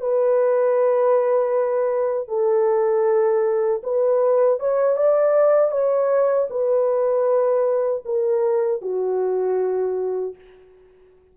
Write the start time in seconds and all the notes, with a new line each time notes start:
0.00 B4
2.28 A4
3.83 B4
4.59 C#5
4.96 D5
5.71 C#5
6.50 B4
8.05 A#4
8.81 F#4